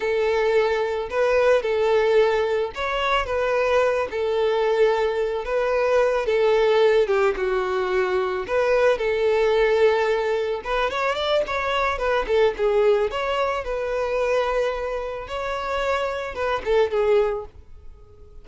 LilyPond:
\new Staff \with { instrumentName = "violin" } { \time 4/4 \tempo 4 = 110 a'2 b'4 a'4~ | a'4 cis''4 b'4. a'8~ | a'2 b'4. a'8~ | a'4 g'8 fis'2 b'8~ |
b'8 a'2. b'8 | cis''8 d''8 cis''4 b'8 a'8 gis'4 | cis''4 b'2. | cis''2 b'8 a'8 gis'4 | }